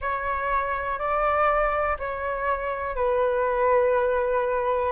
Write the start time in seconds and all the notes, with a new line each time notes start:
0.00 C#5
0.98 D5
1.99 C#5
2.95 B4